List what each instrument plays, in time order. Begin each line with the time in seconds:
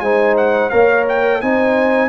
0.00 tuba G#3, trombone D#4, horn C5, trumpet G#5
0.37 trumpet F#5
0.70 tuba A#3, trombone A#4, horn C#5, trumpet F5
1.09 trumpet G5
1.41 tuba C4, trombone D#4, horn C5, trumpet G#5